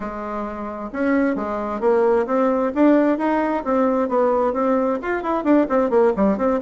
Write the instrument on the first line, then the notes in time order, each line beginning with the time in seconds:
bassoon
0.00 G#3
0.93 C#4
1.35 G#3
1.80 A#3
2.26 C4
2.75 D4
3.18 D#4
3.64 C4
4.08 B3
4.53 C4
5.01 F4
5.22 E4
5.44 D4
5.69 C4
5.89 A#3
6.16 G3
6.37 C4